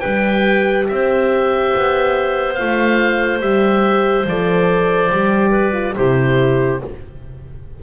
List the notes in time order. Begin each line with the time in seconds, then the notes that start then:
0.00 G3 B4 G5
0.07 G4
0.88 C4 C5 E5
1.76 B3
2.54 F4 F5
2.60 A3
3.40 G3 G4 E5
4.26 F3 A4 D5
5.11 G3 G4
5.51 B4
5.73 F4
5.96 C3 E4 G4 C5